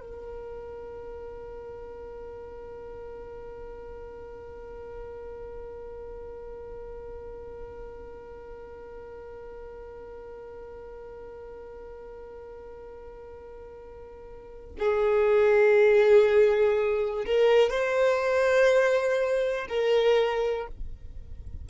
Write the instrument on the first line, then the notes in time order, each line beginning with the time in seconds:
violin
0.00 A#4
14.79 G#4
17.26 A#4
17.70 C5
19.69 A#4